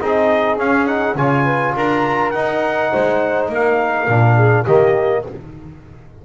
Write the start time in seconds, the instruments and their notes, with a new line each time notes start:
0.00 double bass C4, trombone D#4, saxophone G#4, trumpet D#5
0.57 trombone C#4, double bass C#4, trumpet F5
0.86 trombone D#4, trumpet F#5
1.15 double bass C#3, trombone F4, saxophone C#5, trumpet G#5
1.43 saxophone B4
1.76 double bass D4, saxophone A#4, trumpet A#5
2.31 trombone D#4, double bass D#4, trumpet F#5
2.92 double bass G#3, saxophone C5
3.49 double bass A#3, saxophone A#4, trumpet F5
4.08 double bass A#2, trombone D4
4.36 saxophone G#4
4.64 double bass D#3, trombone A#3, saxophone G4, trumpet D#5